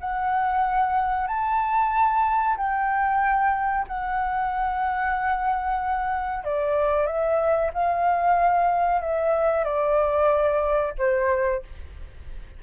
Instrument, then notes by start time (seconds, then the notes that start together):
flute
0.00 F#5
1.27 A5
2.57 G5
3.87 F#5
6.44 D5
7.06 E5
7.73 F5
9.01 E5
9.64 D5
10.98 C5